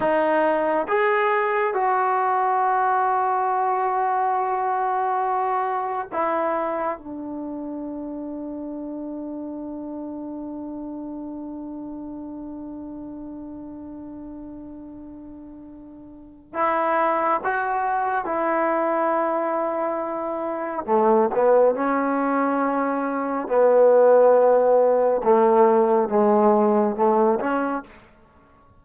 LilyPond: \new Staff \with { instrumentName = "trombone" } { \time 4/4 \tempo 4 = 69 dis'4 gis'4 fis'2~ | fis'2. e'4 | d'1~ | d'1~ |
d'2. e'4 | fis'4 e'2. | a8 b8 cis'2 b4~ | b4 a4 gis4 a8 cis'8 | }